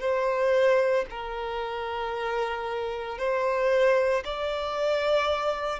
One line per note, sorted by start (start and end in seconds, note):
0.00 1.05 C5
1.11 3.18 A#4
3.18 4.23 C5
4.24 5.79 D5